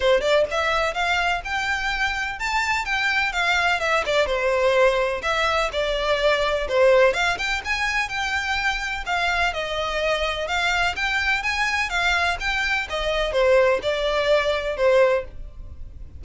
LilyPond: \new Staff \with { instrumentName = "violin" } { \time 4/4 \tempo 4 = 126 c''8 d''8 e''4 f''4 g''4~ | g''4 a''4 g''4 f''4 | e''8 d''8 c''2 e''4 | d''2 c''4 f''8 g''8 |
gis''4 g''2 f''4 | dis''2 f''4 g''4 | gis''4 f''4 g''4 dis''4 | c''4 d''2 c''4 | }